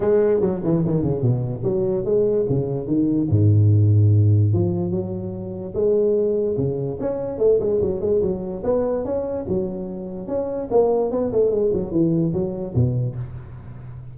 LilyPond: \new Staff \with { instrumentName = "tuba" } { \time 4/4 \tempo 4 = 146 gis4 fis8 e8 dis8 cis8 b,4 | fis4 gis4 cis4 dis4 | gis,2. f4 | fis2 gis2 |
cis4 cis'4 a8 gis8 fis8 gis8 | fis4 b4 cis'4 fis4~ | fis4 cis'4 ais4 b8 a8 | gis8 fis8 e4 fis4 b,4 | }